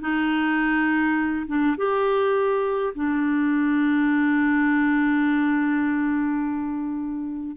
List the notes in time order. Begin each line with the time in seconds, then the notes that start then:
0.00 D#4
1.46 D4
1.77 G4
2.94 D4